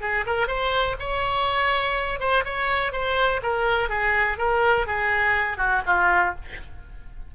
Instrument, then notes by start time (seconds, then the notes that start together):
oboe
0.00 G#4
0.26 A#4
0.47 C5
0.99 C#5
2.19 C5
2.44 C#5
2.92 C5
3.42 A#4
3.88 G#4
4.37 A#4
4.86 G#4
5.57 F#4
5.86 F4